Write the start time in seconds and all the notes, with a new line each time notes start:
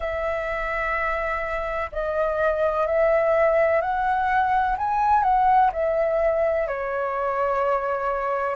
0.00 E5
1.91 D#5
2.86 E5
3.81 F#5
4.77 G#5
5.23 F#5
5.72 E5
6.67 C#5